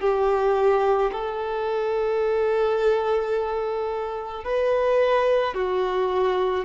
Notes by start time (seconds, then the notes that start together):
0.00 G4
1.12 A4
4.44 B4
5.54 F#4